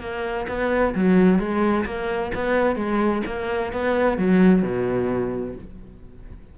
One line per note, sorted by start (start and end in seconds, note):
0.00 0.46 A#3
0.48 0.94 B3
0.94 1.39 F#3
1.39 1.85 G#3
1.85 2.32 A#3
2.35 2.76 B3
2.76 3.22 G#3
3.26 3.72 A#3
3.72 4.18 B3
4.18 4.62 F#3
4.62 5.55 B2